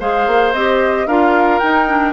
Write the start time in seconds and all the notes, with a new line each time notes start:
0.00 G#3 G#4 C5 F5
0.27 A#3
0.54 C4 G4 D#5
1.07 D4 F4 A#4 F5
1.59 D#4 G5
1.88 D4